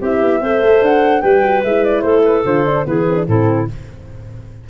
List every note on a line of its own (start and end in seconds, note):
0.00 0.22 C4
0.00 0.43 E4
0.00 0.40 G4
0.00 0.85 E5
0.22 0.41 B3
0.40 0.61 C4
0.40 1.23 A4
0.40 1.22 C5
0.61 0.81 A3
0.82 1.23 D4
0.82 1.22 F#5
1.22 1.64 G3
1.22 1.42 G4
1.22 2.03 B4
1.22 1.62 G5
1.42 1.63 F#4
1.64 2.03 G#3
1.64 2.46 E4
1.64 1.84 E5
1.84 2.01 D5
2.01 2.44 A3
2.01 2.86 A4
2.01 2.22 C5
2.24 2.45 B4
2.45 2.86 D3
2.45 2.66 F4
2.45 2.86 C5
2.66 2.85 D4
2.85 3.27 E3
2.85 3.06 B3
2.85 3.27 G#4
2.85 3.27 B4
3.08 3.16 C4
3.16 3.26 D4
3.27 3.68 A2
3.27 3.69 C4
3.27 3.68 E4
3.27 3.69 A4